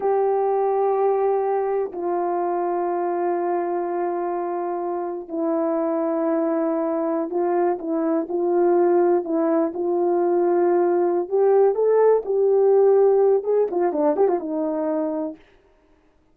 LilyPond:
\new Staff \with { instrumentName = "horn" } { \time 4/4 \tempo 4 = 125 g'1 | f'1~ | f'2. e'4~ | e'2.~ e'16 f'8.~ |
f'16 e'4 f'2 e'8.~ | e'16 f'2.~ f'16 g'8~ | g'8 a'4 g'2~ g'8 | gis'8 f'8 d'8 g'16 f'16 dis'2 | }